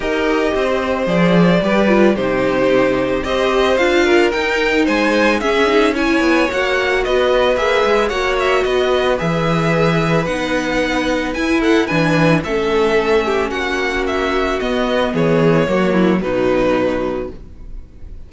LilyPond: <<
  \new Staff \with { instrumentName = "violin" } { \time 4/4 \tempo 4 = 111 dis''2 d''2 | c''2 dis''4 f''4 | g''4 gis''4 e''4 gis''4 | fis''4 dis''4 e''4 fis''8 e''8 |
dis''4 e''2 fis''4~ | fis''4 gis''8 fis''8 gis''4 e''4~ | e''4 fis''4 e''4 dis''4 | cis''2 b'2 | }
  \new Staff \with { instrumentName = "violin" } { \time 4/4 ais'4 c''2 b'4 | g'2 c''4. ais'8~ | ais'4 c''4 gis'4 cis''4~ | cis''4 b'2 cis''4 |
b'1~ | b'4. a'8 b'4 a'4~ | a'8 g'8 fis'2. | gis'4 fis'8 e'8 dis'2 | }
  \new Staff \with { instrumentName = "viola" } { \time 4/4 g'2 gis'4 g'8 f'8 | dis'2 g'4 f'4 | dis'2 cis'8 dis'8 e'4 | fis'2 gis'4 fis'4~ |
fis'4 gis'2 dis'4~ | dis'4 e'4 d'4 cis'4~ | cis'2. b4~ | b4 ais4 fis2 | }
  \new Staff \with { instrumentName = "cello" } { \time 4/4 dis'4 c'4 f4 g4 | c2 c'4 d'4 | dis'4 gis4 cis'4. b8 | ais4 b4 ais8 gis8 ais4 |
b4 e2 b4~ | b4 e'4 e4 a4~ | a4 ais2 b4 | e4 fis4 b,2 | }
>>